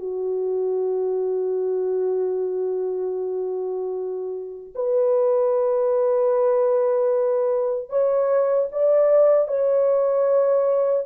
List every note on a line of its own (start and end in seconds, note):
0.00 4.74 F#4
4.75 7.90 B4
7.90 8.69 C#5
8.72 9.48 D5
9.48 11.06 C#5